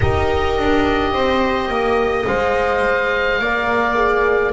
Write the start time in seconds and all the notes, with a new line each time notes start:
0.00 D#4 G4 A#4 D#5
0.58 D4
1.12 C4 C5
1.68 A#3 D#5
2.26 G#3 C5 F5
3.39 A#3 A#4 D5
3.95 G#4